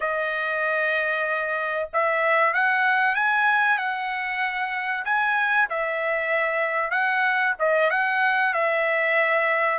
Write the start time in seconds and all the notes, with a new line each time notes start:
0.00 D#5
1.93 E5
2.53 F#5
3.15 G#5
3.78 F#5
5.04 G#5
5.69 E5
6.90 F#5
7.59 D#5
7.90 F#5
8.53 E5